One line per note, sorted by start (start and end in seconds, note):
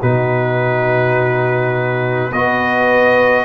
0.00 2.32 B2
0.00 2.31 D#4
0.00 2.31 F#4
0.00 2.32 B4
2.32 3.45 B3
2.32 3.45 F#4
2.32 3.45 B4
2.32 3.45 D#5